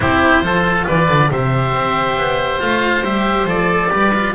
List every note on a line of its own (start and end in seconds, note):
0.00 0.42 C4
0.00 0.43 E4
0.00 0.43 G4
0.00 0.86 C5
0.42 0.85 F3
0.42 1.30 F4
0.42 0.86 A4
0.86 1.08 E3
0.86 1.30 B4
0.86 1.32 D5
1.08 1.30 D3
1.30 1.73 C3
1.30 2.59 G4
1.30 3.90 C5
1.30 2.61 E5
1.73 2.16 C4
2.16 2.60 B3
2.59 3.01 A3
2.59 3.02 F4
2.59 3.04 F5
3.01 3.44 G3
3.01 3.46 G4
3.01 3.47 E5
3.45 3.89 F3
3.45 3.90 A4
3.45 4.35 D5
3.90 4.35 G3
3.90 4.11 G4
3.90 4.34 B4
4.13 4.35 F4